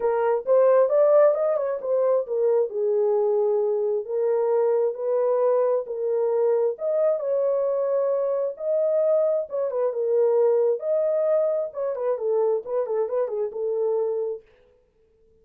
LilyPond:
\new Staff \with { instrumentName = "horn" } { \time 4/4 \tempo 4 = 133 ais'4 c''4 d''4 dis''8 cis''8 | c''4 ais'4 gis'2~ | gis'4 ais'2 b'4~ | b'4 ais'2 dis''4 |
cis''2. dis''4~ | dis''4 cis''8 b'8 ais'2 | dis''2 cis''8 b'8 a'4 | b'8 a'8 b'8 gis'8 a'2 | }